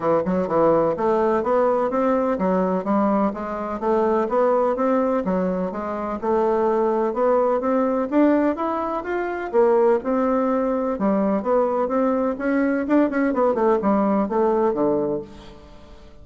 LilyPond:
\new Staff \with { instrumentName = "bassoon" } { \time 4/4 \tempo 4 = 126 e8 fis8 e4 a4 b4 | c'4 fis4 g4 gis4 | a4 b4 c'4 fis4 | gis4 a2 b4 |
c'4 d'4 e'4 f'4 | ais4 c'2 g4 | b4 c'4 cis'4 d'8 cis'8 | b8 a8 g4 a4 d4 | }